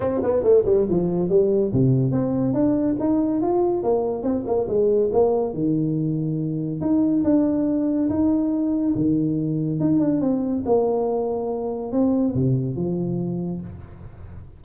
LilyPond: \new Staff \with { instrumentName = "tuba" } { \time 4/4 \tempo 4 = 141 c'8 b8 a8 g8 f4 g4 | c4 c'4 d'4 dis'4 | f'4 ais4 c'8 ais8 gis4 | ais4 dis2. |
dis'4 d'2 dis'4~ | dis'4 dis2 dis'8 d'8 | c'4 ais2. | c'4 c4 f2 | }